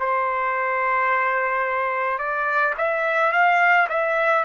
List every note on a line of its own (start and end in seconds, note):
0.00 2.19 C5
2.19 2.74 D5
2.78 3.32 E5
3.32 3.88 F5
3.89 4.45 E5